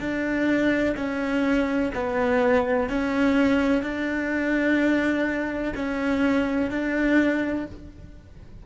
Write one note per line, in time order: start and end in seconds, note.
0.00 0.95 D4
0.97 1.92 C#4
1.95 2.89 B3
2.89 3.83 C#4
3.83 5.74 D4
5.76 6.71 C#4
6.71 7.66 D4